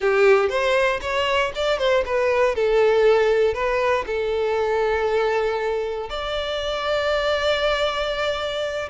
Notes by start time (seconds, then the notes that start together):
0.00 G4
0.49 C5
1.01 C#5
1.55 D5
1.78 C5
2.05 B4
2.55 A4
3.53 B4
4.06 A4
6.09 D5